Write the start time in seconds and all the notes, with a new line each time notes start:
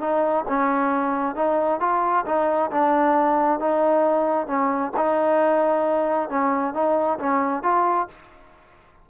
0.00 D#4
0.48 C#4
1.35 D#4
1.80 F4
2.25 D#4
2.71 D4
3.59 D#4
4.47 C#4
4.96 D#4
6.29 C#4
6.73 D#4
7.18 C#4
7.63 F4